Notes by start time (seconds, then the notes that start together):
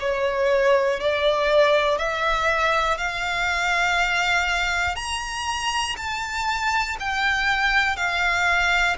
0.00 C#5
1.00 D5
1.98 E5
2.97 F5
4.95 A#5
5.97 A5
6.99 G5
7.96 F5